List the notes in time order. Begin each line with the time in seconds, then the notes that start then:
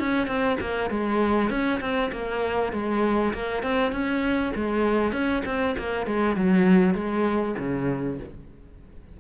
0.00 C#4
0.27 C4
0.61 A#3
0.91 G#3
1.50 C#4
1.81 C4
2.12 A#3
2.73 G#3
3.34 A#3
3.63 C4
3.93 C#4
4.56 G#3
5.13 C#4
5.46 C4
5.79 A#3
6.07 G#3
6.36 F#3
6.95 G#3
7.59 C#3